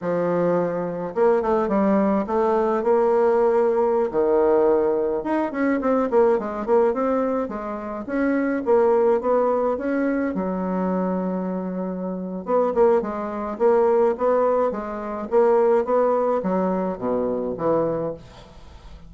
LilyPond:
\new Staff \with { instrumentName = "bassoon" } { \time 4/4 \tempo 4 = 106 f2 ais8 a8 g4 | a4 ais2~ ais16 dis8.~ | dis4~ dis16 dis'8 cis'8 c'8 ais8 gis8 ais16~ | ais16 c'4 gis4 cis'4 ais8.~ |
ais16 b4 cis'4 fis4.~ fis16~ | fis2 b8 ais8 gis4 | ais4 b4 gis4 ais4 | b4 fis4 b,4 e4 | }